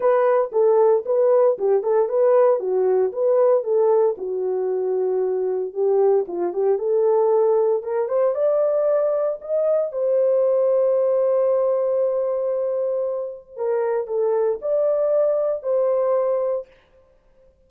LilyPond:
\new Staff \with { instrumentName = "horn" } { \time 4/4 \tempo 4 = 115 b'4 a'4 b'4 g'8 a'8 | b'4 fis'4 b'4 a'4 | fis'2. g'4 | f'8 g'8 a'2 ais'8 c''8 |
d''2 dis''4 c''4~ | c''1~ | c''2 ais'4 a'4 | d''2 c''2 | }